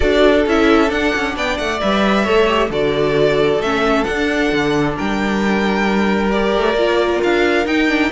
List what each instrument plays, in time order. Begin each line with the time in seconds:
0.00 cello D4, viola F#4, violin A4 D5
0.46 cello C#4, viola E4, violin E5
0.87 viola D4, cello D4, violin F#5
1.15 cello C#4
1.35 cello B3, violin D5 G5
1.57 cello A3, violin F#5
1.80 cello G3, viola B4, violin E5
2.23 cello A3, viola A4, violin C#5
2.47 viola G4
2.70 cello D3, viola F#4, violin A4 D5
3.58 cello A3, viola C#4, violin E5
4.04 viola D4, cello D4, violin F#5
4.52 cello D3
4.95 cello G3, violin A#4 G5
6.30 viola G4, violin D5
6.57 cello A3
6.73 cello A#3, viola F4
7.22 cello D4, violin F5
7.65 viola D#4, cello D#4, violin G5
7.88 viola D4